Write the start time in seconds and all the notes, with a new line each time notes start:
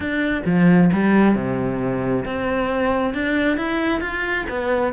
0.00 D4
0.45 F3
0.92 G3
1.35 C3
2.25 C4
3.14 D4
3.57 E4
4.01 F4
4.49 B3